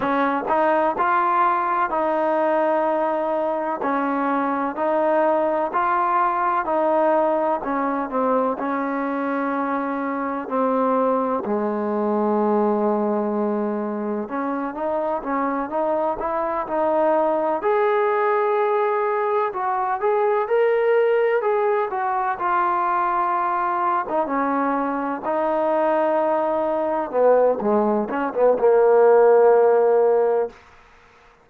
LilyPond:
\new Staff \with { instrumentName = "trombone" } { \time 4/4 \tempo 4 = 63 cis'8 dis'8 f'4 dis'2 | cis'4 dis'4 f'4 dis'4 | cis'8 c'8 cis'2 c'4 | gis2. cis'8 dis'8 |
cis'8 dis'8 e'8 dis'4 gis'4.~ | gis'8 fis'8 gis'8 ais'4 gis'8 fis'8 f'8~ | f'4~ f'16 dis'16 cis'4 dis'4.~ | dis'8 b8 gis8 cis'16 b16 ais2 | }